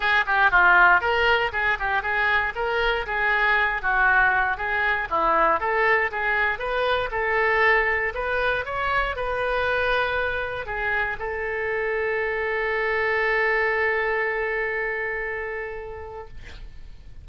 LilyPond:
\new Staff \with { instrumentName = "oboe" } { \time 4/4 \tempo 4 = 118 gis'8 g'8 f'4 ais'4 gis'8 g'8 | gis'4 ais'4 gis'4. fis'8~ | fis'4 gis'4 e'4 a'4 | gis'4 b'4 a'2 |
b'4 cis''4 b'2~ | b'4 gis'4 a'2~ | a'1~ | a'1 | }